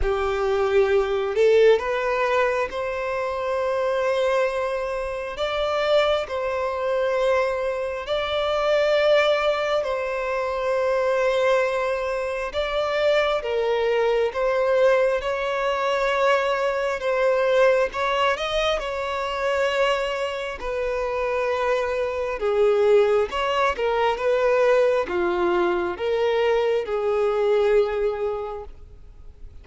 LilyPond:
\new Staff \with { instrumentName = "violin" } { \time 4/4 \tempo 4 = 67 g'4. a'8 b'4 c''4~ | c''2 d''4 c''4~ | c''4 d''2 c''4~ | c''2 d''4 ais'4 |
c''4 cis''2 c''4 | cis''8 dis''8 cis''2 b'4~ | b'4 gis'4 cis''8 ais'8 b'4 | f'4 ais'4 gis'2 | }